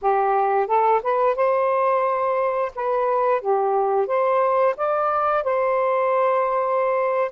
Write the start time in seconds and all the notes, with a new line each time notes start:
0.01 G4
0.67 A4
1.02 B4
1.35 C5
2.75 B4
3.41 G4
4.07 C5
4.76 D5
5.43 C5